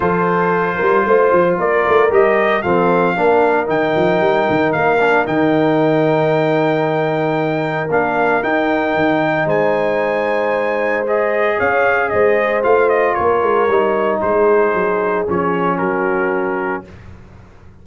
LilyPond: <<
  \new Staff \with { instrumentName = "trumpet" } { \time 4/4 \tempo 4 = 114 c''2. d''4 | dis''4 f''2 g''4~ | g''4 f''4 g''2~ | g''2. f''4 |
g''2 gis''2~ | gis''4 dis''4 f''4 dis''4 | f''8 dis''8 cis''2 c''4~ | c''4 cis''4 ais'2 | }
  \new Staff \with { instrumentName = "horn" } { \time 4/4 a'4. ais'8 c''4 ais'4~ | ais'4 a'4 ais'2~ | ais'1~ | ais'1~ |
ais'2 c''2~ | c''2 cis''4 c''4~ | c''4 ais'2 gis'4~ | gis'2 fis'2 | }
  \new Staff \with { instrumentName = "trombone" } { \time 4/4 f'1 | g'4 c'4 d'4 dis'4~ | dis'4. d'8 dis'2~ | dis'2. d'4 |
dis'1~ | dis'4 gis'2. | f'2 dis'2~ | dis'4 cis'2. | }
  \new Staff \with { instrumentName = "tuba" } { \time 4/4 f4. g8 a8 f8 ais8 a8 | g4 f4 ais4 dis8 f8 | g8 dis8 ais4 dis2~ | dis2. ais4 |
dis'4 dis4 gis2~ | gis2 cis'4 gis4 | a4 ais8 gis8 g4 gis4 | fis4 f4 fis2 | }
>>